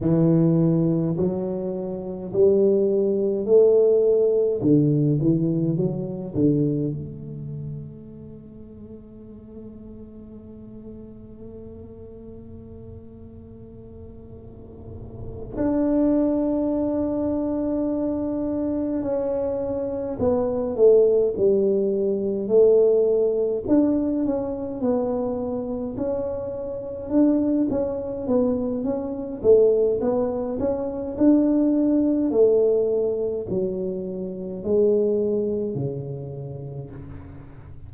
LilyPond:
\new Staff \with { instrumentName = "tuba" } { \time 4/4 \tempo 4 = 52 e4 fis4 g4 a4 | d8 e8 fis8 d8 a2~ | a1~ | a4. d'2~ d'8~ |
d'8 cis'4 b8 a8 g4 a8~ | a8 d'8 cis'8 b4 cis'4 d'8 | cis'8 b8 cis'8 a8 b8 cis'8 d'4 | a4 fis4 gis4 cis4 | }